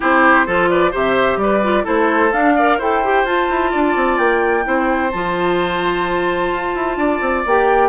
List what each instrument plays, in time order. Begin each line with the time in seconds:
0.00 bassoon C4, clarinet E4, oboe G4, flute C5
0.46 bassoon F3, clarinet F4, oboe A4
0.69 oboe B4, flute D5
0.91 bassoon C3, clarinet G4, oboe C5, flute E5
1.36 bassoon G3, oboe B4, flute D5
1.62 clarinet F4
1.83 bassoon A3, clarinet E4, oboe A4, flute C5
2.32 bassoon D4, clarinet D4, flute F5
2.55 clarinet A#4, oboe D5
2.78 bassoon E4, clarinet A4, oboe C5, flute G5
3.04 clarinet G4
3.24 bassoon F4, clarinet F4, flute A5
3.49 bassoon E4
3.71 bassoon D4, oboe D5
3.95 bassoon C4
4.17 bassoon A#3, flute G5
4.63 bassoon C4, clarinet E4, oboe C5
5.11 bassoon F3, clarinet F4, flute A5
6.51 bassoon F4
6.74 bassoon E4
6.96 bassoon D4, oboe D5
7.21 bassoon C4
7.45 bassoon A#3, clarinet G4, flute G5